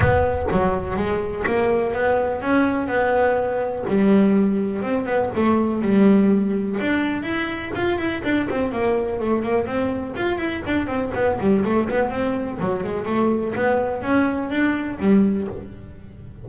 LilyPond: \new Staff \with { instrumentName = "double bass" } { \time 4/4 \tempo 4 = 124 b4 fis4 gis4 ais4 | b4 cis'4 b2 | g2 c'8 b8 a4 | g2 d'4 e'4 |
f'8 e'8 d'8 c'8 ais4 a8 ais8 | c'4 f'8 e'8 d'8 c'8 b8 g8 | a8 b8 c'4 fis8 gis8 a4 | b4 cis'4 d'4 g4 | }